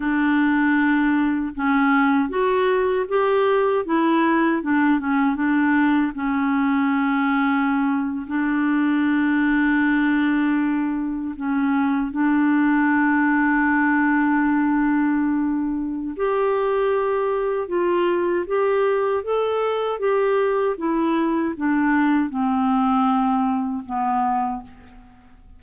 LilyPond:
\new Staff \with { instrumentName = "clarinet" } { \time 4/4 \tempo 4 = 78 d'2 cis'4 fis'4 | g'4 e'4 d'8 cis'8 d'4 | cis'2~ cis'8. d'4~ d'16~ | d'2~ d'8. cis'4 d'16~ |
d'1~ | d'4 g'2 f'4 | g'4 a'4 g'4 e'4 | d'4 c'2 b4 | }